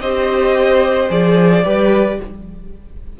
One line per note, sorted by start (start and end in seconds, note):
0.00 1.09 C4
0.00 1.09 G4
0.00 1.64 C5
0.00 1.09 D#5
1.09 1.64 F3
1.09 1.63 G#4
1.09 2.20 D5
1.64 2.20 G3
1.64 2.19 G4
1.64 2.18 B4